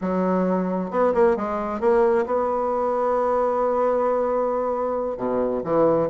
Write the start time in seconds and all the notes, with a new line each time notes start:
0.01 F#3
0.90 B3
1.13 A#3
1.36 G#3
1.80 A#3
2.26 B3
5.17 B2
5.63 E3